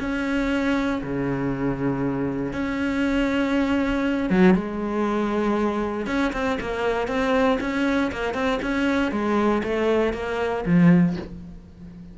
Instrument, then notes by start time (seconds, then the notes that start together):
cello
0.00 C#4
1.03 C#3
2.53 C#4
4.30 F#3
4.54 G#3
6.06 C#4
6.33 C4
6.60 A#3
7.07 C4
7.60 C#4
8.12 A#3
8.34 C4
8.62 C#4
9.11 G#3
9.63 A3
10.13 A#3
10.66 F3